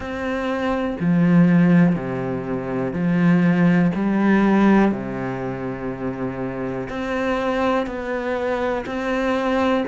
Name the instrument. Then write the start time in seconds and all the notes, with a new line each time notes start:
cello
0.00 C4
1.00 F3
1.95 C3
2.92 F3
3.94 G3
4.91 C3
6.89 C4
7.86 B3
8.86 C4